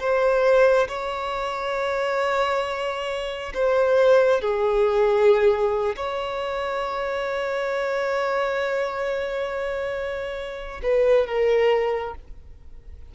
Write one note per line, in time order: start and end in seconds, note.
0.00 0.88 C5
0.89 3.53 C#5
3.55 4.42 C5
4.42 5.96 G#4
5.96 10.82 C#5
10.83 11.27 B4
11.27 12.15 A#4